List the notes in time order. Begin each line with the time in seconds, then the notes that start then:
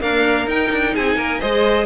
0.00 A#3 D4 A#4 F5
0.46 D#4 G5
0.72 D4
0.94 C4 G#4 G#5
1.17 A#3 A#4
1.40 G#3 G#4 C5 D#5